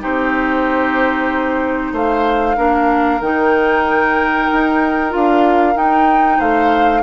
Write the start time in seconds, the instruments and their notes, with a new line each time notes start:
0.00 bassoon C4, clarinet D#4, oboe G4, flute C5
1.93 bassoon A3, oboe C5, flute F5
2.57 bassoon A#3, clarinet D4, oboe A#4
3.21 bassoon D#3, clarinet D#4, flute G5
4.52 bassoon D#4
5.10 bassoon D4, clarinet F4, flute F5
5.75 clarinet D#4, bassoon D#4, flute G5
6.38 bassoon A3, oboe C5, flute F5